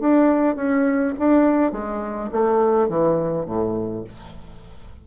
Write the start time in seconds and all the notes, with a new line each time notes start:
0.00 D4
0.56 C#4
1.19 D4
1.72 G#3
2.32 A3
2.88 E3
3.46 A2